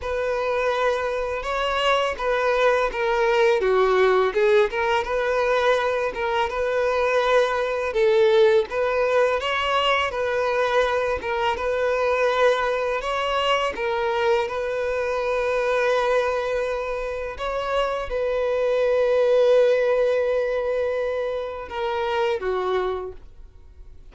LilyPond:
\new Staff \with { instrumentName = "violin" } { \time 4/4 \tempo 4 = 83 b'2 cis''4 b'4 | ais'4 fis'4 gis'8 ais'8 b'4~ | b'8 ais'8 b'2 a'4 | b'4 cis''4 b'4. ais'8 |
b'2 cis''4 ais'4 | b'1 | cis''4 b'2.~ | b'2 ais'4 fis'4 | }